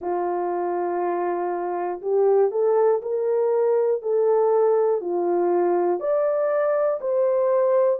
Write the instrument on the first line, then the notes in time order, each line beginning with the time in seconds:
horn
0.00 F4
2.01 G4
2.50 A4
3.01 A#4
4.02 A4
5.00 F4
6.00 D5
7.00 C5